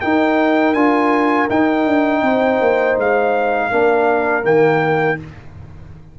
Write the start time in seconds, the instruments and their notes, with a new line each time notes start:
0.00 trombone D#4, tuba D#4, horn A#4, trumpet G5
0.73 tuba D4, trombone F4, trumpet G#5
1.49 tuba D#4, trombone D#4, trumpet G5
1.85 tuba D4
2.21 tuba C4, horn C5
2.60 tuba A#3
2.97 tuba G#3, trumpet F5
3.70 tuba A#3, trombone D4, horn A#4
4.42 tuba D#3, trombone A#3, trumpet G5